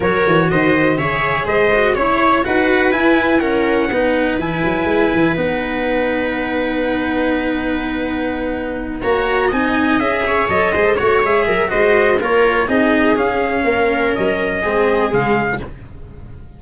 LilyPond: <<
  \new Staff \with { instrumentName = "trumpet" } { \time 4/4 \tempo 4 = 123 cis''4 dis''4 e''4 dis''4 | cis''4 fis''4 gis''4 fis''4~ | fis''4 gis''2 fis''4~ | fis''1~ |
fis''2~ fis''8 ais''4 gis''8~ | gis''8 e''4 dis''4 cis''8 e''4 | dis''4 cis''4 dis''4 f''4~ | f''4 dis''2 f''4 | }
  \new Staff \with { instrumentName = "viola" } { \time 4/4 ais'4 c''4 cis''4 c''4 | cis''4 b'2 ais'4 | b'1~ | b'1~ |
b'2~ b'8 cis''4 dis''8~ | dis''4 cis''4 c''8 cis''4 ais'8 | c''4 ais'4 gis'2 | ais'2 gis'2 | }
  \new Staff \with { instrumentName = "cello" } { \time 4/4 fis'2 gis'4. fis'8 | e'4 fis'4 e'4 cis'4 | dis'4 e'2 dis'4~ | dis'1~ |
dis'2~ dis'8 fis'4 dis'8~ | dis'8 gis'4 a'8 gis'16 a'16 fis'8 gis'4 | fis'4 f'4 dis'4 cis'4~ | cis'2 c'4 gis4 | }
  \new Staff \with { instrumentName = "tuba" } { \time 4/4 fis8 e8 dis4 cis4 gis4 | cis'4 dis'4 e'2 | b4 e8 fis8 gis8 e8 b4~ | b1~ |
b2~ b8 ais4 c'8~ | c'8 cis'4 fis8 gis8 a8 gis8 fis8 | gis4 ais4 c'4 cis'4 | ais4 fis4 gis4 cis4 | }
>>